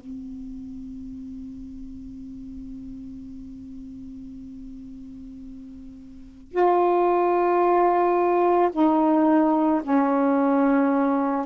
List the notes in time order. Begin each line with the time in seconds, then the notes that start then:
0.00 C4
6.52 F4
8.72 D#4
9.83 C#4